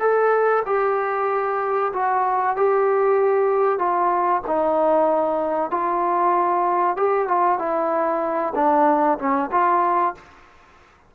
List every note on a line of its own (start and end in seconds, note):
0.00 0.63 A4
0.66 1.92 G4
1.93 2.57 F#4
2.57 3.79 G4
3.79 4.42 F4
4.48 5.71 D#4
5.71 6.97 F4
6.97 7.28 G4
7.28 7.59 F4
7.59 8.54 E4
8.55 9.18 D4
9.19 9.51 C#4
9.52 10.15 F4